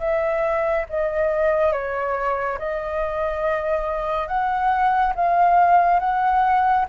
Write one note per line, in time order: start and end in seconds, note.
0.00 0.86 E5
0.90 1.73 D#5
1.73 2.59 C#5
2.59 4.28 D#5
4.28 5.14 F#5
5.15 6.00 F5
6.00 6.86 F#5